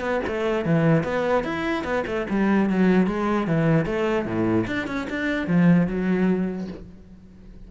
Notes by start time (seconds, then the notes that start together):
0.00 B3
0.27 A3
0.65 E3
1.03 B3
1.44 E4
1.83 B3
2.06 A3
2.29 G3
2.69 F#3
3.06 G#3
3.47 E3
3.85 A3
4.25 A2
4.67 D4
4.87 C#4
5.09 D4
5.47 F3
5.87 F#3